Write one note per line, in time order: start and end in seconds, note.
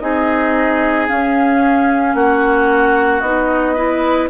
0.00 1.09 C4
0.00 1.08 D#4
0.00 2.16 G#4
0.00 1.07 D#5
1.08 3.23 C#4
1.08 2.15 C#4
1.08 2.15 F5
2.15 3.22 A#3
2.15 3.75 F#4
2.15 3.21 F#5
3.21 4.29 B3
3.21 3.77 D#4
3.21 4.28 D#5
3.75 4.30 E4
3.75 4.28 B4